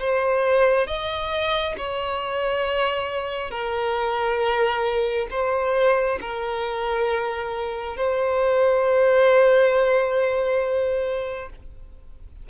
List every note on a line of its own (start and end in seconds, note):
0.00 0.87 C5
0.87 1.76 D#5
1.77 3.51 C#5
3.51 5.27 A#4
5.31 6.19 C5
6.21 7.97 A#4
7.97 11.49 C5